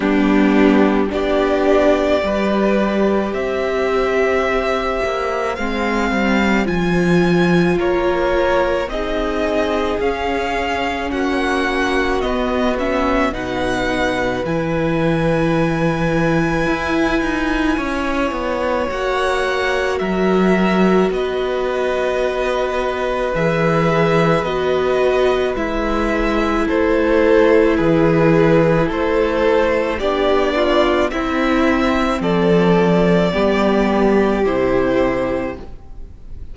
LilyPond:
<<
  \new Staff \with { instrumentName = "violin" } { \time 4/4 \tempo 4 = 54 g'4 d''2 e''4~ | e''4 f''4 gis''4 cis''4 | dis''4 f''4 fis''4 dis''8 e''8 | fis''4 gis''2.~ |
gis''4 fis''4 e''4 dis''4~ | dis''4 e''4 dis''4 e''4 | c''4 b'4 c''4 d''4 | e''4 d''2 c''4 | }
  \new Staff \with { instrumentName = "violin" } { \time 4/4 d'4 g'4 b'4 c''4~ | c''2. ais'4 | gis'2 fis'2 | b'1 |
cis''2 ais'4 b'4~ | b'1 | a'4 gis'4 a'4 g'8 f'8 | e'4 a'4 g'2 | }
  \new Staff \with { instrumentName = "viola" } { \time 4/4 b4 d'4 g'2~ | g'4 c'4 f'2 | dis'4 cis'2 b8 cis'8 | dis'4 e'2.~ |
e'4 fis'2.~ | fis'4 gis'4 fis'4 e'4~ | e'2. d'4 | c'2 b4 e'4 | }
  \new Staff \with { instrumentName = "cello" } { \time 4/4 g4 b4 g4 c'4~ | c'8 ais8 gis8 g8 f4 ais4 | c'4 cis'4 ais4 b4 | b,4 e2 e'8 dis'8 |
cis'8 b8 ais4 fis4 b4~ | b4 e4 b4 gis4 | a4 e4 a4 b4 | c'4 f4 g4 c4 | }
>>